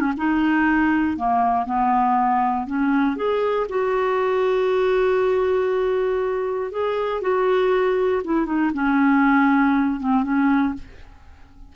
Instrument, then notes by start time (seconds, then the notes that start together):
clarinet
0.00 C#4
0.17 D#4
1.17 A#3
1.66 B3
2.67 C#4
3.16 G#4
3.69 F#4
6.71 G#4
7.21 F#4
8.24 E4
8.45 D#4
8.74 C#4
9.99 C4
10.23 C#4